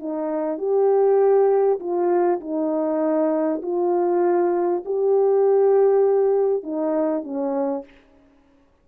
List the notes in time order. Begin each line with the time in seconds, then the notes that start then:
0.00 D#4
0.58 G4
1.80 F4
2.41 D#4
3.63 F4
4.86 G4
6.64 D#4
7.24 C#4